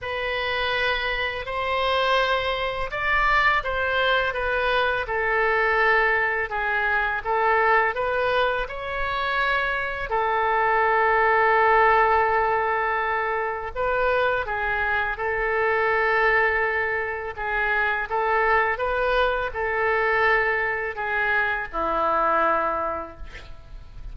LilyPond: \new Staff \with { instrumentName = "oboe" } { \time 4/4 \tempo 4 = 83 b'2 c''2 | d''4 c''4 b'4 a'4~ | a'4 gis'4 a'4 b'4 | cis''2 a'2~ |
a'2. b'4 | gis'4 a'2. | gis'4 a'4 b'4 a'4~ | a'4 gis'4 e'2 | }